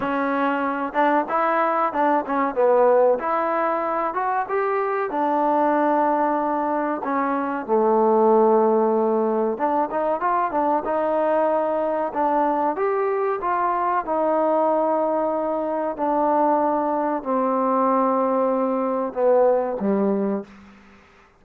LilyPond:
\new Staff \with { instrumentName = "trombone" } { \time 4/4 \tempo 4 = 94 cis'4. d'8 e'4 d'8 cis'8 | b4 e'4. fis'8 g'4 | d'2. cis'4 | a2. d'8 dis'8 |
f'8 d'8 dis'2 d'4 | g'4 f'4 dis'2~ | dis'4 d'2 c'4~ | c'2 b4 g4 | }